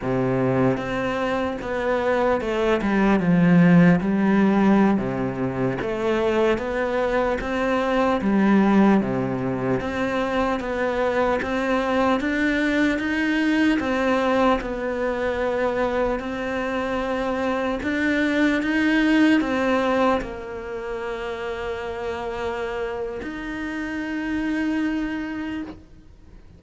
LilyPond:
\new Staff \with { instrumentName = "cello" } { \time 4/4 \tempo 4 = 75 c4 c'4 b4 a8 g8 | f4 g4~ g16 c4 a8.~ | a16 b4 c'4 g4 c8.~ | c16 c'4 b4 c'4 d'8.~ |
d'16 dis'4 c'4 b4.~ b16~ | b16 c'2 d'4 dis'8.~ | dis'16 c'4 ais2~ ais8.~ | ais4 dis'2. | }